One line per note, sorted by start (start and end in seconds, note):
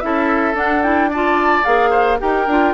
0.00 0.54 C#4
0.00 0.54 E4
0.00 1.10 A4
0.00 0.55 E5
0.54 0.81 D4
0.54 1.63 D4
0.54 0.83 F#5
0.82 1.10 E4
0.82 1.10 G5
1.10 1.63 F4
1.10 1.90 D5
1.10 1.64 A5
1.63 2.20 A#3
1.63 2.18 G#4
1.63 2.18 F5
1.90 2.17 C5
2.19 2.46 D#4
2.19 2.46 G4
2.19 2.74 A#4
2.19 2.74 G5
2.46 2.74 D4
2.46 2.74 F4